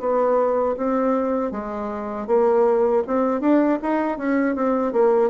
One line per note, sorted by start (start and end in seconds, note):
0.00 0.76 B3
0.77 1.52 C4
1.52 2.27 G#3
2.27 3.03 A#3
3.07 3.41 C4
3.41 3.79 D4
3.83 4.18 D#4
4.18 4.56 C#4
4.56 4.93 C4
4.93 5.30 A#3